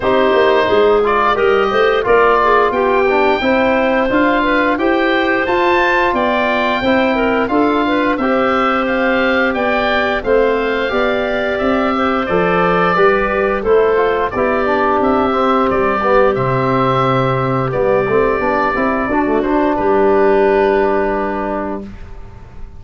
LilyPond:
<<
  \new Staff \with { instrumentName = "oboe" } { \time 4/4 \tempo 4 = 88 c''4. d''8 dis''4 d''4 | g''2 f''4 g''4 | a''4 g''2 f''4 | e''4 f''4 g''4 f''4~ |
f''4 e''4 d''2 | c''4 d''4 e''4 d''4 | e''2 d''2~ | d''8 c''8 b'2. | }
  \new Staff \with { instrumentName = "clarinet" } { \time 4/4 g'4 gis'4 ais'8 c''8 ais'8 gis'8 | g'4 c''4. b'8 c''4~ | c''4 d''4 c''8 ais'8 a'8 b'8 | c''2 d''4 c''4 |
d''4. c''4. b'4 | a'4 g'2.~ | g'1 | fis'4 g'2. | }
  \new Staff \with { instrumentName = "trombone" } { \time 4/4 dis'4. f'8 g'4 f'4~ | f'8 d'8 e'4 f'4 g'4 | f'2 e'4 f'4 | g'2. c'4 |
g'2 a'4 g'4 | e'8 f'8 e'8 d'4 c'4 b8 | c'2 b8 c'8 d'8 e'8 | d'16 a16 d'2.~ d'8 | }
  \new Staff \with { instrumentName = "tuba" } { \time 4/4 c'8 ais8 gis4 g8 a8 ais4 | b4 c'4 d'4 e'4 | f'4 b4 c'4 d'4 | c'2 b4 a4 |
b4 c'4 f4 g4 | a4 b4 c'4 g4 | c2 g8 a8 b8 c'8 | d'4 g2. | }
>>